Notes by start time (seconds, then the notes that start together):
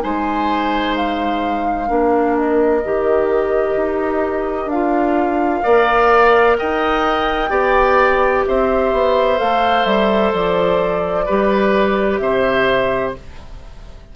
0.00 G#3 D#4 C5 G#5
0.96 F5
1.87 A#3 D4 A#4
2.37 D#5
2.85 D#3 G4
3.76 D#4
4.66 D4 F5
4.72 F4
5.63 A#3 A#4 D5
6.58 D#4 D#5 G5
7.50 B3 G4 D5
8.47 C4 C5 E5
8.93 B3
9.37 A3 A4 F5
9.85 G3 E5
10.34 F3 D5
11.26 G3 G4 B4
12.17 C3 C5 E5